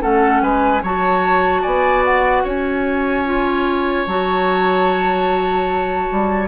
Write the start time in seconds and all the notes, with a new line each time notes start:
0.00 A3 C#4 A4 F#5
0.41 G#3 B4 G#5
0.82 F#3 F#4 C#5 A5
1.62 B3 D5 G#5
2.05 F#5
2.44 C#4 C#5 G#5
3.25 F4
4.06 F#3 F#4 A5
6.11 G3